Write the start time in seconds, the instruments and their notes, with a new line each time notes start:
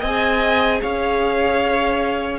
0.00 cello C4, viola G#4, violin D#5 G#5
0.81 cello C#4, violin C#5 F5